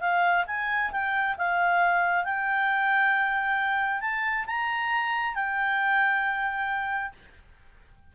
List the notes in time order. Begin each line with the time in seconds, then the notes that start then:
0.00 F5
0.46 G#5
0.91 G5
1.37 F5
2.24 G5
4.01 A5
4.46 A#5
5.34 G5